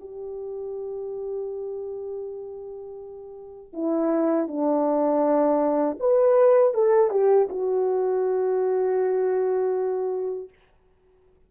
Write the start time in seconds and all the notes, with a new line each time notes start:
0.00 G4
3.73 E4
4.48 D4
6.00 B4
6.74 A4
7.10 G4
7.49 F#4